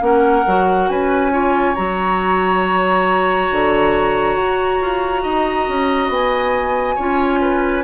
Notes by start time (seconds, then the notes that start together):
0.00 A#3 C#4 A#4 F#5
0.46 F#3 F#4
0.89 C#4 B4 G#5
1.31 F4 C#5
1.75 F#3 F#4 A#5
3.51 D3
4.36 F#4
4.81 F4
5.22 D#4 D#5
5.68 C#4
6.08 B3 G#5
6.95 C#4 F4 C#5
7.41 B4